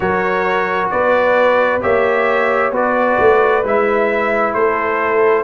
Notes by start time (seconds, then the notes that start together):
0.00 F#3 F#4 A#4 C#5
0.90 B3 B4 D5
1.81 A#3 G4 C#5 E5
2.71 B3 F#4 B4 D5
3.19 A3
3.63 G#3 E4 E5
4.53 A3 A4 C5